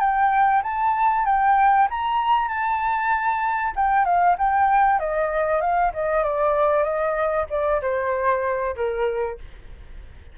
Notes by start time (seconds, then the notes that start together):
0.00 G5
0.63 A5
1.26 G5
1.90 A#5
2.48 A5
3.76 G5
4.05 F5
4.38 G5
5.00 D#5
5.61 F5
5.93 D#5
6.23 D5
6.83 D#5
7.50 D5
7.82 C5
8.76 A#4